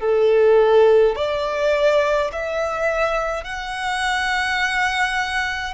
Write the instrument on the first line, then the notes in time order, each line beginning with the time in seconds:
violin
0.00 A4
1.15 D5
2.32 E5
3.44 F#5